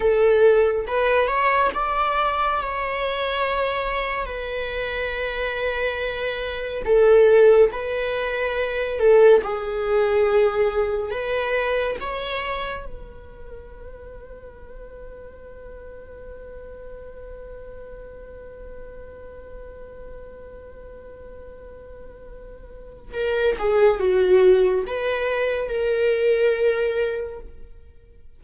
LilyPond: \new Staff \with { instrumentName = "viola" } { \time 4/4 \tempo 4 = 70 a'4 b'8 cis''8 d''4 cis''4~ | cis''4 b'2. | a'4 b'4. a'8 gis'4~ | gis'4 b'4 cis''4 b'4~ |
b'1~ | b'1~ | b'2. ais'8 gis'8 | fis'4 b'4 ais'2 | }